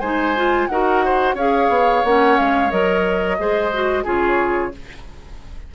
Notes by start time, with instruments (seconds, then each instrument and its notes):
0.00 bassoon G#3, clarinet D#4, oboe C5, flute G#5
0.36 clarinet F4
0.67 bassoon D#4, clarinet F#4, oboe A#4, flute F#5
1.05 oboe C5
1.34 bassoon C#4, clarinet G#4, oboe C#5, flute F5
1.68 bassoon B3
2.04 bassoon A#3, clarinet C#4, flute F#5
2.38 bassoon G#3, flute F5
2.70 bassoon F#3, clarinet A#4, flute D#5
3.38 bassoon G#3, clarinet G#4, oboe C5
3.73 clarinet F#4
4.04 bassoon C#3, clarinet F4, oboe G#4, flute C#5